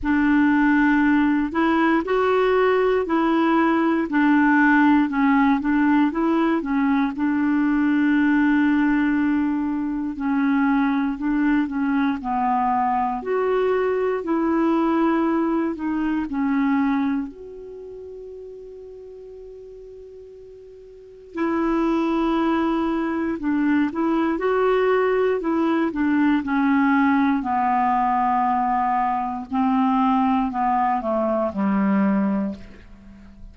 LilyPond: \new Staff \with { instrumentName = "clarinet" } { \time 4/4 \tempo 4 = 59 d'4. e'8 fis'4 e'4 | d'4 cis'8 d'8 e'8 cis'8 d'4~ | d'2 cis'4 d'8 cis'8 | b4 fis'4 e'4. dis'8 |
cis'4 fis'2.~ | fis'4 e'2 d'8 e'8 | fis'4 e'8 d'8 cis'4 b4~ | b4 c'4 b8 a8 g4 | }